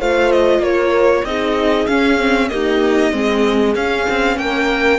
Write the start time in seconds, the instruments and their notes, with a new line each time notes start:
0.00 cello A3, viola F4, horn C5, violin F5
0.32 violin D#5
0.60 cello A#3, horn A#4, violin C#5
1.25 cello C4, viola D#4, horn G#4, violin D#5
1.87 cello C#4, viola C#4, violin F5
2.18 viola C4
2.49 viola A#3, cello D#4, horn G4, violin D#5
3.12 cello G#3, viola C4, horn G#4
3.75 viola C#4, cello C#4, violin F5
4.10 cello C4
4.37 cello A#3, horn A#4, violin G5